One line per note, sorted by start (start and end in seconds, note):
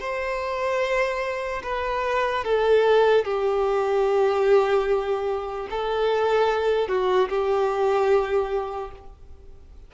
0.00 1.62 C5
1.63 2.44 B4
2.44 3.24 A4
3.24 5.68 G4
5.70 6.88 A4
6.88 7.29 F#4
7.29 8.91 G4